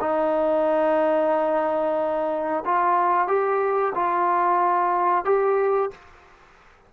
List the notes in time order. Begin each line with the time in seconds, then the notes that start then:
0.00 D#4
2.65 F4
3.27 G4
3.95 F4
5.25 G4